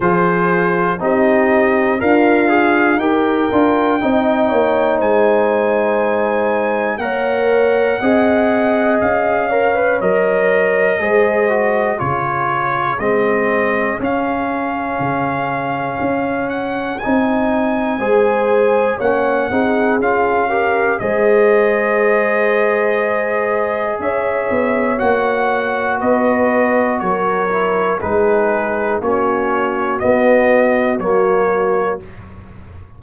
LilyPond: <<
  \new Staff \with { instrumentName = "trumpet" } { \time 4/4 \tempo 4 = 60 c''4 dis''4 f''4 g''4~ | g''4 gis''2 fis''4~ | fis''4 f''4 dis''2 | cis''4 dis''4 f''2~ |
f''8 fis''8 gis''2 fis''4 | f''4 dis''2. | e''4 fis''4 dis''4 cis''4 | b'4 cis''4 dis''4 cis''4 | }
  \new Staff \with { instrumentName = "horn" } { \time 4/4 gis'4 g'4 f'4 ais'4 | dis''8 cis''8 c''2 cis''4 | dis''4. cis''4. c''4 | gis'1~ |
gis'2 c''4 cis''8 gis'8~ | gis'8 ais'8 c''2. | cis''2 b'4 ais'4 | gis'4 fis'2. | }
  \new Staff \with { instrumentName = "trombone" } { \time 4/4 f'4 dis'4 ais'8 gis'8 g'8 f'8 | dis'2. ais'4 | gis'4. ais'16 b'16 ais'4 gis'8 fis'8 | f'4 c'4 cis'2~ |
cis'4 dis'4 gis'4 cis'8 dis'8 | f'8 g'8 gis'2.~ | gis'4 fis'2~ fis'8 e'8 | dis'4 cis'4 b4 ais4 | }
  \new Staff \with { instrumentName = "tuba" } { \time 4/4 f4 c'4 d'4 dis'8 d'8 | c'8 ais8 gis2 ais4 | c'4 cis'4 fis4 gis4 | cis4 gis4 cis'4 cis4 |
cis'4 c'4 gis4 ais8 c'8 | cis'4 gis2. | cis'8 b8 ais4 b4 fis4 | gis4 ais4 b4 fis4 | }
>>